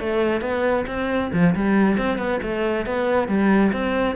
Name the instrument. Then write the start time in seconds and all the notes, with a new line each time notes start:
cello
0.00 A3
0.42 B3
0.87 C4
1.33 F3
1.56 G3
1.98 C4
2.18 B3
2.43 A3
2.87 B3
3.28 G3
3.73 C4